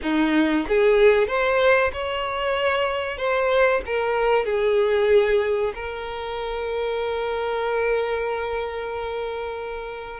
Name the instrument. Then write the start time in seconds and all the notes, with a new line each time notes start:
violin
0.02 D#4
0.68 G#4
1.27 C5
1.93 C#5
3.17 C5
3.86 A#4
4.45 G#4
5.74 A#4